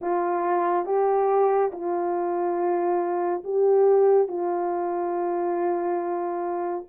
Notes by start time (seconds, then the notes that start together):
0.01 F4
0.85 G4
1.72 F4
3.44 G4
4.28 F4